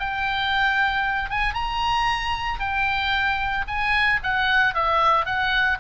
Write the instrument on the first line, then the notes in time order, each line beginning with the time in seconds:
oboe
0.00 G5
1.30 G#5
1.55 A#5
2.60 G5
3.68 G#5
4.24 F#5
4.75 E5
5.26 F#5